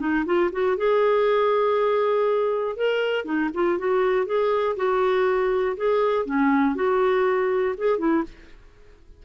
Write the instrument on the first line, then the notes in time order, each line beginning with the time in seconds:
clarinet
0.00 D#4
0.26 F4
0.52 F#4
0.77 G#4
2.77 A#4
3.25 D#4
3.54 F4
3.79 F#4
4.26 G#4
4.77 F#4
5.77 G#4
6.26 C#4
6.75 F#4
7.78 G#4
7.99 E4